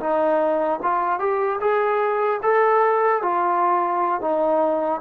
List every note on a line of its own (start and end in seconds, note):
0.00 0.80 D#4
0.83 1.20 F4
1.20 1.60 G4
1.61 2.41 G#4
2.43 3.23 A4
3.23 4.21 F4
4.21 5.01 D#4